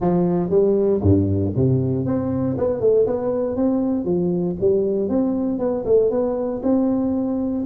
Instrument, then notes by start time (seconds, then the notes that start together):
tuba
0.00 F3
0.49 G3
1.02 G2
1.56 C3
2.06 C4
2.57 B3
2.80 A3
3.06 B3
3.55 C4
4.04 F3
4.60 G3
5.08 C4
5.59 B3
5.85 A3
6.10 B3
6.62 C4